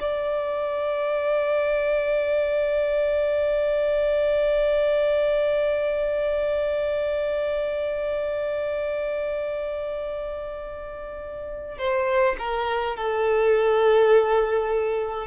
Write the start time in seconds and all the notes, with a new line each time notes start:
0.00 D5
11.78 C5
12.38 A#4
12.96 A4